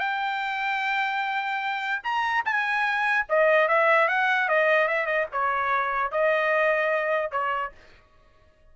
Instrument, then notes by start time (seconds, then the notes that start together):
trumpet
0.00 G5
2.03 A#5
2.45 G#5
3.29 D#5
3.68 E5
4.08 F#5
4.49 D#5
4.88 E5
5.06 D#5
5.32 C#5
6.11 D#5
7.31 C#5